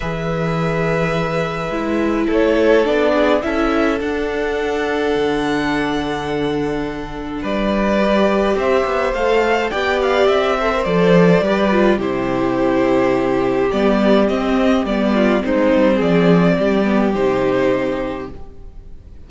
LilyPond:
<<
  \new Staff \with { instrumentName = "violin" } { \time 4/4 \tempo 4 = 105 e''1 | cis''4 d''4 e''4 fis''4~ | fis''1~ | fis''4 d''2 e''4 |
f''4 g''8 f''8 e''4 d''4~ | d''4 c''2. | d''4 dis''4 d''4 c''4 | d''2 c''2 | }
  \new Staff \with { instrumentName = "violin" } { \time 4/4 b'1 | a'4. gis'8 a'2~ | a'1~ | a'4 b'2 c''4~ |
c''4 d''4. c''4. | b'4 g'2.~ | g'2~ g'8 f'8 dis'4 | gis'4 g'2. | }
  \new Staff \with { instrumentName = "viola" } { \time 4/4 gis'2. e'4~ | e'4 d'4 e'4 d'4~ | d'1~ | d'2 g'2 |
a'4 g'4. a'16 ais'16 a'4 | g'8 f'8 e'2. | b4 c'4 b4 c'4~ | c'4. b8 dis'2 | }
  \new Staff \with { instrumentName = "cello" } { \time 4/4 e2. gis4 | a4 b4 cis'4 d'4~ | d'4 d2.~ | d4 g2 c'8 b8 |
a4 b4 c'4 f4 | g4 c2. | g4 c'4 g4 gis8 g8 | f4 g4 c2 | }
>>